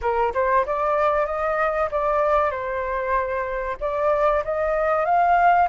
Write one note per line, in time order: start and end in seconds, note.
0.01 0.33 A#4
0.34 0.65 C5
0.66 1.25 D5
1.25 1.89 D#5
1.91 2.50 D5
2.50 3.77 C5
3.80 4.43 D5
4.44 5.05 D#5
5.05 5.68 F5